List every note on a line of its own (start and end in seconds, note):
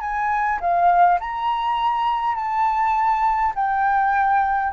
0.00 0.59 G#5
0.60 1.19 F5
1.20 2.35 A#5
2.35 3.53 A5
3.55 4.72 G5